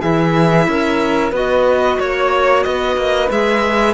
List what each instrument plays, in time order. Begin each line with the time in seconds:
0.00 cello E3, clarinet E4, flute G#4, violin E5
0.68 cello C#4, flute A#4
1.31 cello B3, clarinet F#4, flute B4, violin D#5
1.99 cello A#3, flute C#5, violin C#5
2.63 cello B3, flute B4, violin D#5
2.97 cello A#3
3.29 cello G#3, clarinet G#4, violin E5